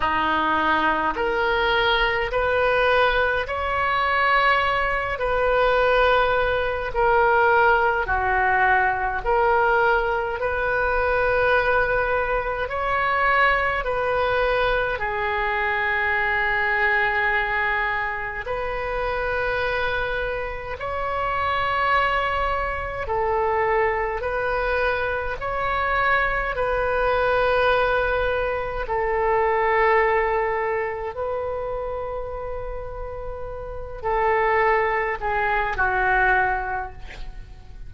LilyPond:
\new Staff \with { instrumentName = "oboe" } { \time 4/4 \tempo 4 = 52 dis'4 ais'4 b'4 cis''4~ | cis''8 b'4. ais'4 fis'4 | ais'4 b'2 cis''4 | b'4 gis'2. |
b'2 cis''2 | a'4 b'4 cis''4 b'4~ | b'4 a'2 b'4~ | b'4. a'4 gis'8 fis'4 | }